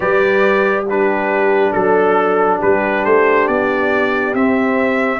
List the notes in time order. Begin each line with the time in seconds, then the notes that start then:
0.00 G3 G4 B4 D5
0.89 D4 G4 B4
1.72 F#3 A4
2.58 G3 G4 B4
3.04 A3 C5
3.47 B3 D5
4.34 C4 E5